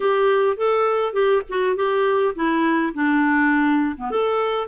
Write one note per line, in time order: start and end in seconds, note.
0.00 0.57 G4
0.57 1.13 A4
1.13 1.42 G4
1.49 1.76 F#4
1.76 2.34 G4
2.35 2.93 E4
2.94 3.96 D4
3.96 4.10 B3
4.10 4.67 A4